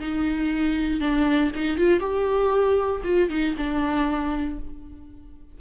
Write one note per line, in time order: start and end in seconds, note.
0.00 1.01 D#4
1.01 1.52 D4
1.55 1.78 D#4
1.78 2.00 F4
2.00 3.02 G4
3.04 3.30 F4
3.30 3.55 D#4
3.58 4.59 D4